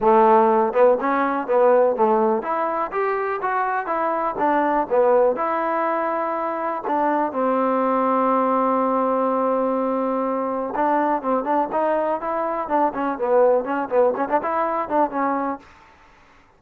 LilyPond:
\new Staff \with { instrumentName = "trombone" } { \time 4/4 \tempo 4 = 123 a4. b8 cis'4 b4 | a4 e'4 g'4 fis'4 | e'4 d'4 b4 e'4~ | e'2 d'4 c'4~ |
c'1~ | c'2 d'4 c'8 d'8 | dis'4 e'4 d'8 cis'8 b4 | cis'8 b8 cis'16 d'16 e'4 d'8 cis'4 | }